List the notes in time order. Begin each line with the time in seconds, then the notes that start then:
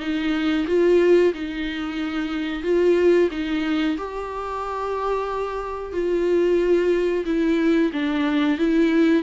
0.00 D#4
0.67 F4
1.34 D#4
2.63 F4
3.31 D#4
3.98 G4
5.93 F4
7.26 E4
7.93 D4
8.58 E4